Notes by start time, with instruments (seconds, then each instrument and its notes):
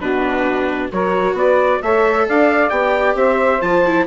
0.00 bassoon B2, viola D4, saxophone F#4, trumpet B4
0.91 bassoon F#3, viola F#4, saxophone A#4, trumpet C#5
1.34 bassoon B3, saxophone B4, trumpet D5
1.82 bassoon A3, viola A4, saxophone C#5, trumpet E5
2.27 bassoon D4, saxophone D5, trumpet F5
2.69 bassoon B3, viola G4, trumpet G5
3.15 bassoon C4, saxophone C5, trumpet E5
3.61 bassoon F3, viola F4, trumpet A5
3.86 viola E4